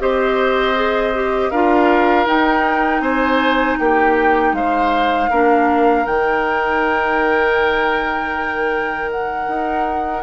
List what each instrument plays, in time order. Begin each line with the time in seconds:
0.00 bassoon C4, clarinet G4, oboe C5, flute D#5
0.76 clarinet G#4
1.15 clarinet G4
1.51 bassoon D4, clarinet F4, oboe A#4, flute F5
2.26 bassoon D#4, clarinet D#4, flute G5
3.00 bassoon C4, oboe C5, flute G#5
3.79 bassoon A#3, oboe G4, flute G5
4.53 bassoon G#3, oboe C5, flute F5
5.31 bassoon A#3, clarinet D4, oboe A#4
6.06 bassoon D#3, clarinet D#4, flute G5
9.11 flute F#5
9.48 bassoon D#4